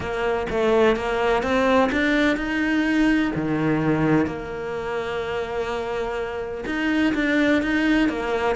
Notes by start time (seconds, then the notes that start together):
0.00 A#3
0.50 A3
0.95 A#3
1.42 C4
1.92 D4
2.36 D#4
3.35 D#3
4.26 A#3
6.66 D#4
7.14 D4
7.62 D#4
8.09 A#3